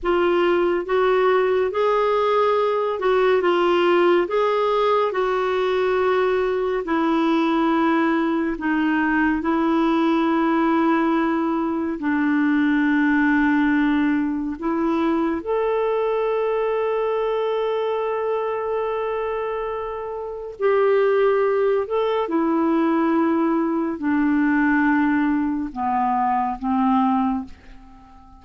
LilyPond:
\new Staff \with { instrumentName = "clarinet" } { \time 4/4 \tempo 4 = 70 f'4 fis'4 gis'4. fis'8 | f'4 gis'4 fis'2 | e'2 dis'4 e'4~ | e'2 d'2~ |
d'4 e'4 a'2~ | a'1 | g'4. a'8 e'2 | d'2 b4 c'4 | }